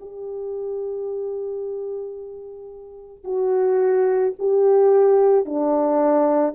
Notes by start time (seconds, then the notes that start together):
0.00 G4
3.24 F#4
4.39 G4
5.45 D4